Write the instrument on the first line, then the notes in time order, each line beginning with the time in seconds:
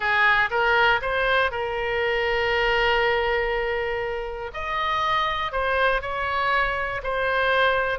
oboe
0.00 G#4
0.50 A#4
1.01 C5
1.51 A#4
4.53 D#5
5.52 C5
6.01 C#5
7.03 C5